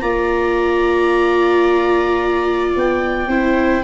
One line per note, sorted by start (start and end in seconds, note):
0.00 2.75 A#3
0.00 3.29 F4
0.00 3.29 D5
0.00 2.73 A#5
2.76 3.27 B3
2.76 3.84 G5
3.27 3.82 C4
3.27 3.84 E4
3.27 3.84 C5